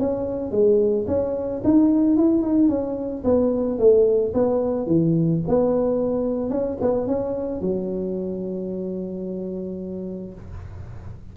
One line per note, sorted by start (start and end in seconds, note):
0.00 0.52 C#4
0.52 1.06 G#3
1.08 1.63 C#4
1.65 2.18 D#4
2.18 2.43 E4
2.43 2.69 D#4
2.69 3.24 C#4
3.25 3.79 B3
3.79 4.34 A3
4.34 4.87 B3
4.87 5.42 E3
5.48 6.51 B3
6.51 6.78 C#4
6.82 7.08 B3
7.08 7.61 C#4
7.61 10.34 F#3